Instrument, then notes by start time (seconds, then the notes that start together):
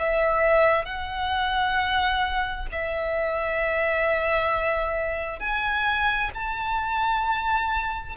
violin
0.00 E5
0.86 F#5
2.72 E5
5.40 G#5
6.35 A5